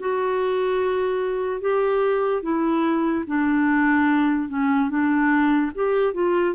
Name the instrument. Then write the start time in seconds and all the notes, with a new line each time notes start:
clarinet
0.00 F#4
1.61 G4
2.42 E4
3.27 D4
4.49 C#4
4.90 D4
5.75 G4
6.14 F4